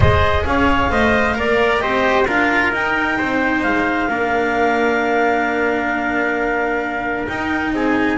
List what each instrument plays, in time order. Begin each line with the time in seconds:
0.00 double bass G#3, cello G#4, trumpet C5, clarinet D#5
0.45 double bass C#4, trumpet C#5, clarinet F5
0.90 double bass A3, cello C5, trumpet D#5
1.35 double bass A#3, cello A#4, trumpet D5
1.78 double bass C4, cello G4, trumpet C5, clarinet D#5
2.27 double bass D4, cello F4, trumpet A#4, clarinet F5
2.72 cello D#4, double bass D#4, clarinet G5
3.18 double bass C4, trumpet C5
3.62 double bass G#3, clarinet F5
4.08 double bass A#3, cello D4, trumpet A#4
7.27 cello D#4, double bass D#4, clarinet G5
7.72 double bass C4, trumpet G#4, clarinet G#5